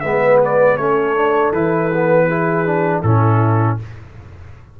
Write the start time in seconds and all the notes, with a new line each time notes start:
0.00 G#3 B3 B4 E5
0.44 D5
0.76 A3 C#4 A4 C#5
1.16 D4
1.52 E3 E4 B4
1.94 B3
2.27 E4 G#4
2.66 D4
3.02 A2 C#4 E4 A4